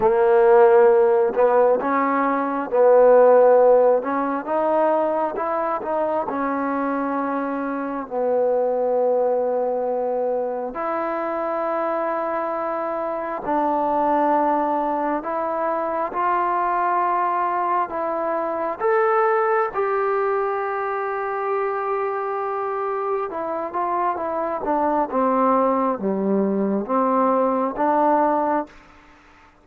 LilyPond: \new Staff \with { instrumentName = "trombone" } { \time 4/4 \tempo 4 = 67 ais4. b8 cis'4 b4~ | b8 cis'8 dis'4 e'8 dis'8 cis'4~ | cis'4 b2. | e'2. d'4~ |
d'4 e'4 f'2 | e'4 a'4 g'2~ | g'2 e'8 f'8 e'8 d'8 | c'4 g4 c'4 d'4 | }